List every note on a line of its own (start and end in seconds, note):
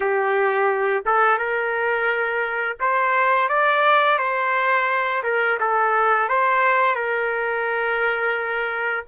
0.00 1.04 G4
1.05 1.38 A4
1.38 2.77 A#4
2.80 3.48 C5
3.48 4.18 D5
4.18 5.23 C5
5.23 5.58 A#4
5.60 6.29 A4
6.29 6.95 C5
6.95 9.04 A#4